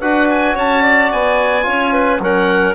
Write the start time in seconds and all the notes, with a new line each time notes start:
0.00 D4 F#4 B4 F#5
0.29 G#5
0.54 C#4 C#5 A5
0.82 D5
1.12 B3 G#5
1.63 C#4 F4 C#5
1.93 B4
2.19 F#3 C#4 A#4 F#5